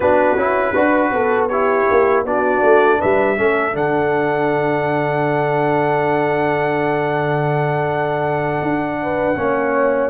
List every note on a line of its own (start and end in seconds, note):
0.00 0.35 B3
0.00 0.38 D4
0.00 0.72 F#4
0.00 1.47 B4
0.36 0.73 C#4
0.36 0.74 E4
0.72 1.11 D4
0.72 1.49 F#4
0.72 1.10 B4
1.11 1.86 B3
1.11 1.50 A4
1.48 2.26 E4
1.48 2.25 G4
1.48 2.23 C#5
1.90 2.24 A#3
2.24 2.61 B3
2.24 3.36 D4
2.24 2.98 F#4
2.24 3.01 D5
2.62 2.99 A3
2.98 3.38 G3
2.98 3.36 B4
2.98 3.76 E5
3.36 3.74 A3
3.36 3.72 C#4
3.36 9.01 A4
3.72 8.61 D3
3.72 9.35 D4
3.72 10.10 F#5
8.61 9.36 D4
9.01 9.38 B4
9.36 10.10 A#3
9.36 10.10 C#4
9.36 10.10 C#5